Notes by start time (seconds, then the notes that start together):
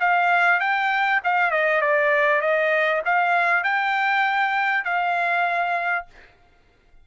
0.00 F5
0.60 G5
1.24 F5
1.51 D#5
1.81 D5
2.41 D#5
3.05 F5
3.64 G5
4.84 F5